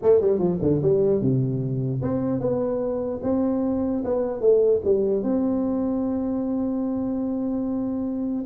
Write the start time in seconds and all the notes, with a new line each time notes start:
0.02 A3
0.20 G3
0.38 F3
0.61 D3
0.82 G3
1.21 C3
2.02 C4
2.40 B3
3.23 C4
4.04 B3
4.40 A3
4.84 G3
5.23 C4